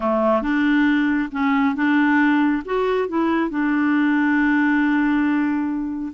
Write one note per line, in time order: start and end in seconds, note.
0.00 0.41 A3
0.41 1.29 D4
1.31 1.75 C#4
1.75 2.62 D4
2.65 3.08 F#4
3.08 3.50 E4
3.50 6.13 D4